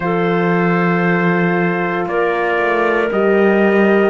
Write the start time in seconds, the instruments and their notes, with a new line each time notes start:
0.00 cello F3, horn F4, clarinet A4, trumpet C5
2.08 cello A#3, clarinet A#4, trumpet D5
2.58 cello A3
3.11 cello G3, horn G4, trumpet D#5